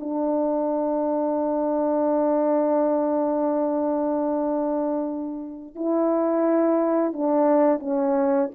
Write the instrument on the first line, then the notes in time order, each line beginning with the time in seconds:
horn
0.00 D4
5.76 E4
7.13 D4
7.79 C#4